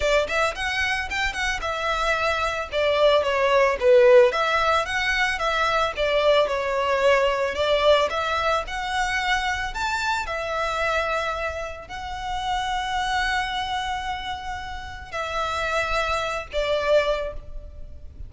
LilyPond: \new Staff \with { instrumentName = "violin" } { \time 4/4 \tempo 4 = 111 d''8 e''8 fis''4 g''8 fis''8 e''4~ | e''4 d''4 cis''4 b'4 | e''4 fis''4 e''4 d''4 | cis''2 d''4 e''4 |
fis''2 a''4 e''4~ | e''2 fis''2~ | fis''1 | e''2~ e''8 d''4. | }